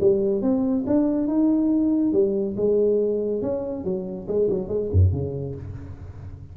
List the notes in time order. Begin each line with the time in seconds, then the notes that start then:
0.00 G3
0.41 C4
0.86 D4
1.27 D#4
2.12 G3
2.56 G#3
3.41 C#4
3.84 F#3
4.27 G#3
4.50 F#3
4.68 G#3
4.91 F#2
5.12 C#3